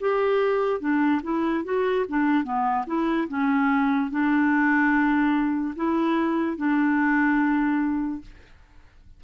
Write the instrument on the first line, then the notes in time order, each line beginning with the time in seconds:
clarinet
0.00 G4
0.80 D4
1.23 E4
1.64 F#4
2.08 D4
2.44 B3
2.87 E4
3.28 C#4
4.11 D4
5.76 E4
6.57 D4